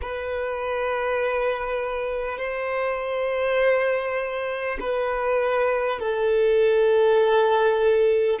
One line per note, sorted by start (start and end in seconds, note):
0.01 2.38 B4
2.38 4.78 C5
4.80 5.99 B4
5.99 8.39 A4